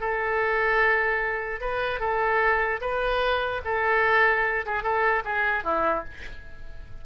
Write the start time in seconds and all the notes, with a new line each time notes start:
0.00 A4
1.60 B4
2.00 A4
2.81 B4
3.64 A4
4.65 G#4
4.83 A4
5.25 G#4
5.64 E4